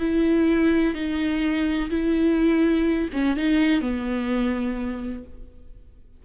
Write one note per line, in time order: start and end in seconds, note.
0.00 0.95 E4
0.95 1.90 D#4
1.90 3.10 E4
3.13 3.37 C#4
3.37 3.82 D#4
3.82 5.24 B3